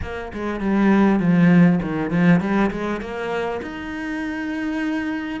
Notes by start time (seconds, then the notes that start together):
0.02 A#3
0.33 G#3
0.60 G3
1.19 F3
1.82 D#3
2.10 F3
2.40 G3
2.70 G#3
3.01 A#3
3.62 D#4